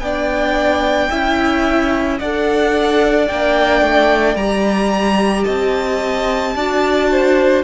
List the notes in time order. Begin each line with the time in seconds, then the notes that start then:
0.00 B3 D4 D5 G5
1.10 C#4 E4 E5
2.19 D4 A4 D5 F#5
3.28 A#3 D4 G5
3.82 A3
4.35 G3 G4 A#5
5.44 C4 D#5 A5
6.56 D4 F#4 D5
7.11 C5